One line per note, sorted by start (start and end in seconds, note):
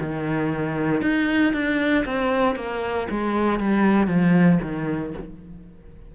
0.00 1.01 D#3
1.01 1.53 D#4
1.53 2.05 D4
2.05 2.55 C4
2.55 3.07 A#3
3.10 3.59 G#3
3.59 4.07 G3
4.07 4.58 F3
4.62 5.13 D#3